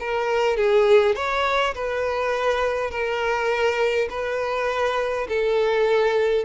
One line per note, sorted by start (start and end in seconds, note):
0.00 0.57 A#4
0.57 1.16 G#4
1.16 1.74 C#5
1.75 2.90 B4
2.90 4.08 A#4
4.10 5.27 B4
5.29 6.45 A4